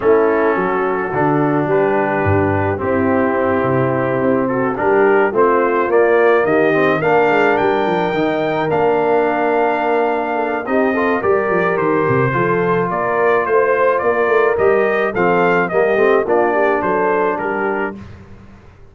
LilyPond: <<
  \new Staff \with { instrumentName = "trumpet" } { \time 4/4 \tempo 4 = 107 a'2. b'4~ | b'4 g'2. | a'8 ais'4 c''4 d''4 dis''8~ | dis''8 f''4 g''2 f''8~ |
f''2. dis''4 | d''4 c''2 d''4 | c''4 d''4 dis''4 f''4 | dis''4 d''4 c''4 ais'4 | }
  \new Staff \with { instrumentName = "horn" } { \time 4/4 e'4 fis'2 g'4~ | g'4 e'2. | fis'8 g'4 f'2 g'8~ | g'8 ais'2.~ ais'8~ |
ais'2~ ais'8 a'8 g'8 a'8 | ais'2 a'4 ais'4 | c''4 ais'2 a'4 | g'4 f'8 g'8 a'4 g'4 | }
  \new Staff \with { instrumentName = "trombone" } { \time 4/4 cis'2 d'2~ | d'4 c'2.~ | c'8 d'4 c'4 ais4. | c'8 d'2 dis'4 d'8~ |
d'2. dis'8 f'8 | g'2 f'2~ | f'2 g'4 c'4 | ais8 c'8 d'2. | }
  \new Staff \with { instrumentName = "tuba" } { \time 4/4 a4 fis4 d4 g4 | g,4 c'4. c4 c'8~ | c'8 g4 a4 ais4 dis8~ | dis8 ais8 gis8 g8 f8 dis4 ais8~ |
ais2. c'4 | g8 f8 dis8 c8 f4 ais4 | a4 ais8 a8 g4 f4 | g8 a8 ais4 fis4 g4 | }
>>